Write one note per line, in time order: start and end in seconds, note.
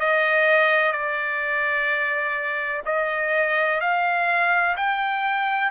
0.00 0.93 D#5
0.93 2.83 D5
2.86 3.81 D#5
3.81 4.76 F5
4.77 5.71 G5